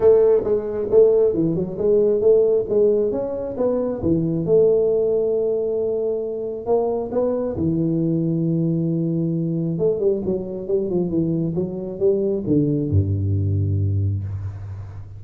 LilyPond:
\new Staff \with { instrumentName = "tuba" } { \time 4/4 \tempo 4 = 135 a4 gis4 a4 e8 fis8 | gis4 a4 gis4 cis'4 | b4 e4 a2~ | a2. ais4 |
b4 e2.~ | e2 a8 g8 fis4 | g8 f8 e4 fis4 g4 | d4 g,2. | }